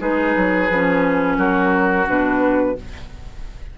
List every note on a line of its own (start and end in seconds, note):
0.00 0.35 G#3
0.00 0.69 D#4
0.00 1.38 G#4
0.00 1.38 B4
0.36 0.70 F#3
0.70 1.38 F3
0.70 2.07 C#4
1.38 2.07 F#3
1.38 2.76 F#4
1.38 2.07 A#4
2.07 2.77 B2
2.07 2.76 D4
2.07 2.78 B4